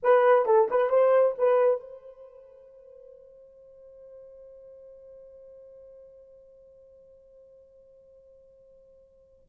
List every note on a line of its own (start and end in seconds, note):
0.02 0.45 B4
0.45 0.68 A4
0.70 0.89 B4
0.89 1.34 C5
1.38 1.80 B4
1.80 9.47 C5